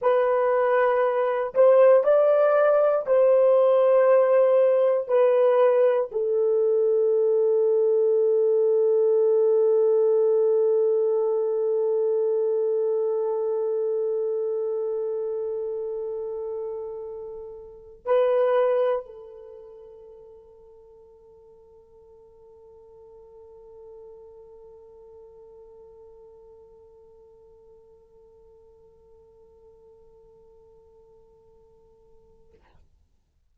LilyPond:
\new Staff \with { instrumentName = "horn" } { \time 4/4 \tempo 4 = 59 b'4. c''8 d''4 c''4~ | c''4 b'4 a'2~ | a'1~ | a'1~ |
a'4.~ a'16 b'4 a'4~ a'16~ | a'1~ | a'1~ | a'1 | }